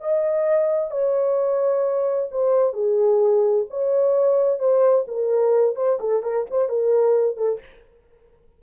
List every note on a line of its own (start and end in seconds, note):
0.00 0.90 D#5
0.90 2.29 C#5
2.31 2.73 C5
2.73 3.65 G#4
3.69 4.59 C#5
4.59 5.05 C5
5.07 5.75 A#4
5.75 5.98 C5
5.99 6.22 A4
6.22 6.46 A#4
6.50 6.68 C5
6.68 7.36 A#4
7.36 7.59 A4